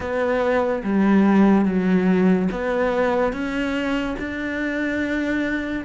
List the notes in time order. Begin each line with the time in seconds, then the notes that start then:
0.00 B3
0.83 G3
1.65 F#3
2.51 B3
3.33 C#4
4.19 D4